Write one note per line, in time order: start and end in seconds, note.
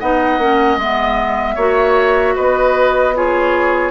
0.00 0.38 B3
0.00 0.40 D#4
0.00 1.55 D#5
0.00 0.79 F#5
0.38 0.77 A#3
0.38 0.80 C#4
0.77 1.56 G#3
0.77 1.58 B3
0.77 2.37 E5
1.55 2.36 A#3
1.55 3.15 F#4
1.55 2.34 C#5
2.36 3.91 B3
2.36 3.15 B4
2.36 3.16 D#5
3.15 3.91 F4
3.15 3.91 G#4
3.15 3.91 C#5